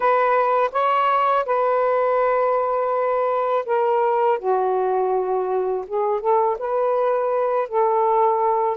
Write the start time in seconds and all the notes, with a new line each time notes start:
0.00 B4
0.72 C#5
1.45 B4
3.65 A#4
4.38 F#4
5.87 G#4
6.20 A4
6.59 B4
7.68 A4